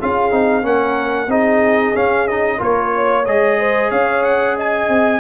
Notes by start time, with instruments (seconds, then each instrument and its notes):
0.00 tuba C#4, trombone F4, horn G#4, trumpet F5
0.31 tuba C4, trombone D#4
0.63 tuba A#3, trombone C#4, horn A#4, trumpet F#5
1.28 tuba C4, trombone D#4, horn G#4, trumpet D#5
1.95 trombone C#4, tuba C#4, trumpet F5
2.28 trombone D#4, trumpet D#5
2.58 tuba A#3, trombone F4, horn A#4, trumpet C#5
2.95 horn C#5
3.26 tuba G#3, trombone G#4, trumpet D#5
3.59 horn C5
3.91 tuba C#4, horn C#5, trumpet F5
4.24 trumpet F#5
4.57 horn D#5, trumpet G#5
4.89 tuba C4